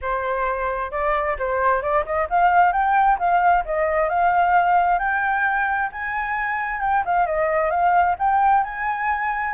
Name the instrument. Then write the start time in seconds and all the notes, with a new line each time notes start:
flute
0.01 C5
0.91 D5
1.38 C5
1.82 D5
2.05 D#5
2.29 F5
2.72 G5
3.18 F5
3.65 D#5
4.09 F5
4.99 G5
5.92 G#5
6.81 G5
7.05 F5
7.26 D#5
7.70 F5
8.18 G5
8.63 G#5